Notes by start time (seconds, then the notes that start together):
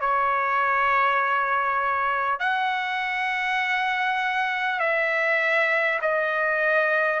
0.00 C#5
2.39 F#5
4.79 E5
6.01 D#5